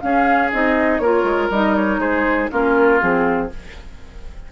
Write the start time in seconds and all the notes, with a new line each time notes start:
0.00 C#4 G#4 F5
0.52 C4 D#4 D#5
0.99 A#3 F4 A#4 C#5
1.23 G#3
1.49 G3 D#4 D#5
1.75 C#5
1.98 G#3 G#4 C5
2.50 A#3 C#4 F4 A#4
2.99 F3 C4 G#4